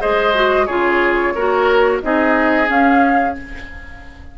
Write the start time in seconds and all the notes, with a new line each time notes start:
0.00 G#3 G#4 C5 D#5
0.34 F#4
0.66 C#3 F4 G#4 C#5
1.35 A#3 F#4 A#4
2.02 C4 D#4 G#4 D#5
2.66 C#4 F5